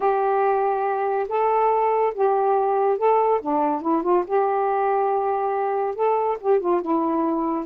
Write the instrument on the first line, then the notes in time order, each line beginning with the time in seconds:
saxophone
0.00 G4
1.28 A4
2.14 G4
2.98 A4
3.41 D4
3.81 E4
4.03 F4
4.26 G4
5.95 A4
6.40 G4
6.60 F4
6.81 E4